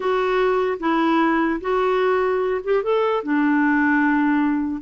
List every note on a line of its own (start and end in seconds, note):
0.00 0.78 F#4
0.79 1.60 E4
1.60 2.61 F#4
2.63 2.83 G4
2.83 3.23 A4
3.23 4.81 D4